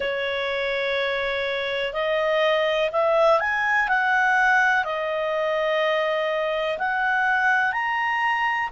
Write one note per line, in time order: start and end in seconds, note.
0.00 1.93 C#5
1.93 2.90 D#5
2.92 3.40 E5
3.40 3.88 G#5
3.88 4.84 F#5
4.84 6.77 D#5
6.78 7.72 F#5
7.72 8.69 A#5